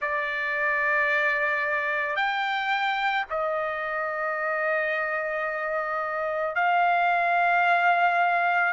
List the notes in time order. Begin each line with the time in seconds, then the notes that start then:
0.00 D5
2.15 G5
3.30 D#5
6.55 F5